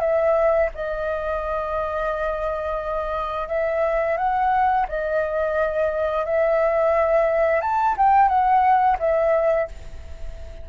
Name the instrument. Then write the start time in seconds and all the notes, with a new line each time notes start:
flute
0.00 E5
0.74 D#5
3.48 E5
4.17 F#5
4.88 D#5
6.25 E5
7.61 A5
7.97 G5
8.28 F#5
8.99 E5